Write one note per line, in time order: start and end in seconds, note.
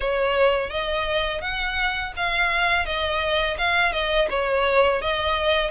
0.00 0.69 C#5
0.69 1.41 D#5
1.41 2.12 F#5
2.16 2.85 F5
2.85 3.57 D#5
3.58 3.92 F5
3.92 4.28 D#5
4.30 5.01 C#5
5.01 5.70 D#5